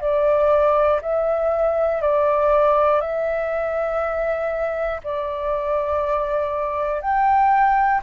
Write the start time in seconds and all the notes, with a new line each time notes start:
0.00 D5
1.02 E5
2.01 D5
3.00 E5
5.04 D5
7.01 G5